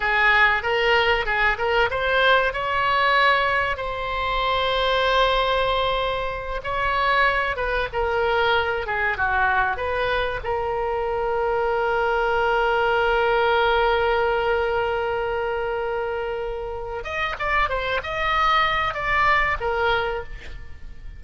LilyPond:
\new Staff \with { instrumentName = "oboe" } { \time 4/4 \tempo 4 = 95 gis'4 ais'4 gis'8 ais'8 c''4 | cis''2 c''2~ | c''2~ c''8 cis''4. | b'8 ais'4. gis'8 fis'4 b'8~ |
b'8 ais'2.~ ais'8~ | ais'1~ | ais'2. dis''8 d''8 | c''8 dis''4. d''4 ais'4 | }